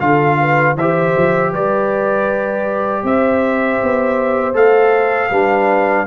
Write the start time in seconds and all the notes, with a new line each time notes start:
0.00 D3 F4 A4 F5
0.41 B4
0.75 E3 G4 C5 E5
1.17 F3
1.51 G3 B4 D5
3.03 C4 C5 E5
3.83 B3
4.54 A3 A4 F5
5.30 G3 D4 B4